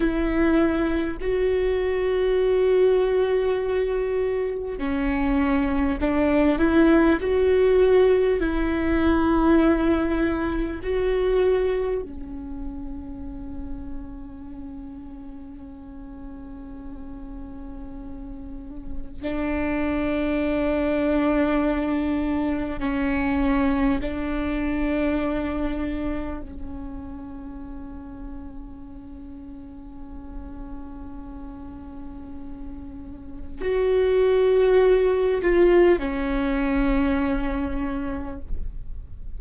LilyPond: \new Staff \with { instrumentName = "viola" } { \time 4/4 \tempo 4 = 50 e'4 fis'2. | cis'4 d'8 e'8 fis'4 e'4~ | e'4 fis'4 cis'2~ | cis'1 |
d'2. cis'4 | d'2 cis'2~ | cis'1 | fis'4. f'8 cis'2 | }